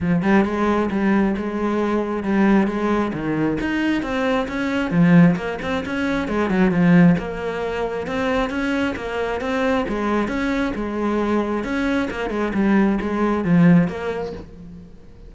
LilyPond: \new Staff \with { instrumentName = "cello" } { \time 4/4 \tempo 4 = 134 f8 g8 gis4 g4 gis4~ | gis4 g4 gis4 dis4 | dis'4 c'4 cis'4 f4 | ais8 c'8 cis'4 gis8 fis8 f4 |
ais2 c'4 cis'4 | ais4 c'4 gis4 cis'4 | gis2 cis'4 ais8 gis8 | g4 gis4 f4 ais4 | }